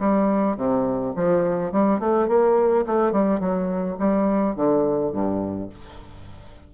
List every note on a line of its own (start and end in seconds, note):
0.00 0.57 G3
0.57 1.14 C3
1.16 1.72 F3
1.72 2.00 G3
2.00 2.28 A3
2.28 2.85 A#3
2.87 3.12 A3
3.12 3.40 G3
3.40 3.97 F#3
3.99 4.56 G3
4.56 5.13 D3
5.13 5.70 G2